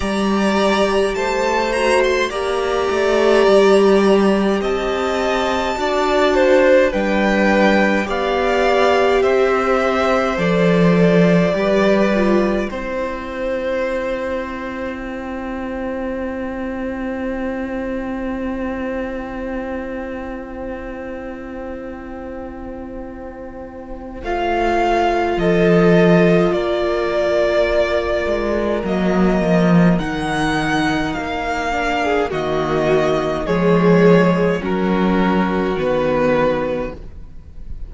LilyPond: <<
  \new Staff \with { instrumentName = "violin" } { \time 4/4 \tempo 4 = 52 ais''4 a''8 ais''16 c'''16 ais''2 | a''2 g''4 f''4 | e''4 d''2 c''4~ | c''4 g''2.~ |
g''1~ | g''4 f''4 dis''4 d''4~ | d''4 dis''4 fis''4 f''4 | dis''4 cis''4 ais'4 b'4 | }
  \new Staff \with { instrumentName = "violin" } { \time 4/4 d''4 c''4 d''2 | dis''4 d''8 c''8 b'4 d''4 | c''2 b'4 c''4~ | c''1~ |
c''1~ | c''2 a'4 ais'4~ | ais'2.~ ais'8. gis'16 | fis'4 gis'4 fis'2 | }
  \new Staff \with { instrumentName = "viola" } { \time 4/4 g'4. fis'8 g'2~ | g'4 fis'4 d'4 g'4~ | g'4 a'4 g'8 f'8 e'4~ | e'1~ |
e'1~ | e'4 f'2.~ | f'4 ais4 dis'4. d'8 | ais4 gis4 cis'4 b4 | }
  \new Staff \with { instrumentName = "cello" } { \time 4/4 g4 a4 ais8 a8 g4 | c'4 d'4 g4 b4 | c'4 f4 g4 c'4~ | c'1~ |
c'1~ | c'4 a4 f4 ais4~ | ais8 gis8 fis8 f8 dis4 ais4 | dis4 f4 fis4 dis4 | }
>>